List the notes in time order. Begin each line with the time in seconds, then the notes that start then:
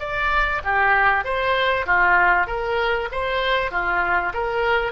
0.00 D5
0.64 G4
1.25 C5
1.86 F4
2.47 A#4
3.12 C5
3.71 F4
4.34 A#4